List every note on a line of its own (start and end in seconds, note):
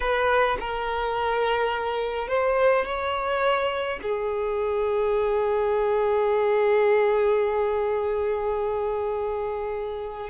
0.00 0.57 B4
0.59 2.28 A#4
2.28 2.85 C5
2.85 3.99 C#5
4.02 10.29 G#4